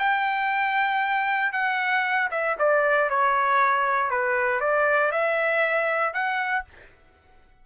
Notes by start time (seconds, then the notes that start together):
0.00 G5
1.53 F#5
2.31 E5
2.59 D5
3.10 C#5
4.11 B4
4.61 D5
5.12 E5
6.14 F#5